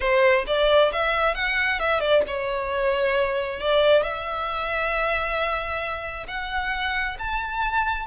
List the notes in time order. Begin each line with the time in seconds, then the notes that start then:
0.00 C5
0.46 D5
0.92 E5
1.35 F#5
1.79 E5
2.00 D5
2.27 C#5
3.59 D5
4.02 E5
6.27 F#5
7.18 A5